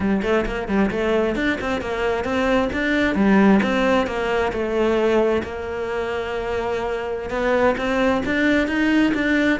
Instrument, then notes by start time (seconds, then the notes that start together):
cello
0.00 G3
0.22 A3
0.46 A#3
0.67 G3
0.90 A3
1.35 D4
1.60 C4
1.81 A#3
2.24 C4
2.72 D4
3.15 G3
3.62 C4
4.06 A#3
4.52 A3
5.43 A#3
7.30 B3
7.77 C4
8.25 D4
8.67 D#4
9.14 D4